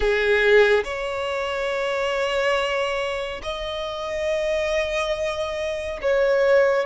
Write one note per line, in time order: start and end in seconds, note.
0.00 0.83 G#4
0.84 3.41 C#5
3.42 6.00 D#5
6.01 6.85 C#5